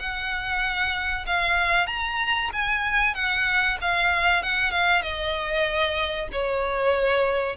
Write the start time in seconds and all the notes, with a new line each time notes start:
0.00 F#5
1.27 F5
1.87 A#5
2.53 G#5
3.15 F#5
3.82 F5
4.43 F#5
4.72 F5
5.02 D#5
6.32 C#5